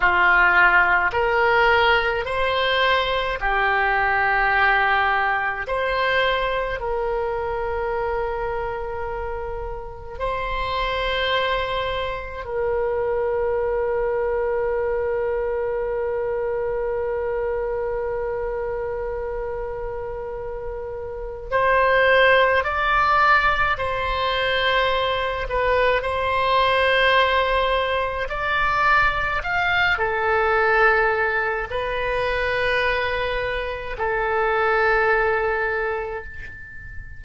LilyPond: \new Staff \with { instrumentName = "oboe" } { \time 4/4 \tempo 4 = 53 f'4 ais'4 c''4 g'4~ | g'4 c''4 ais'2~ | ais'4 c''2 ais'4~ | ais'1~ |
ais'2. c''4 | d''4 c''4. b'8 c''4~ | c''4 d''4 f''8 a'4. | b'2 a'2 | }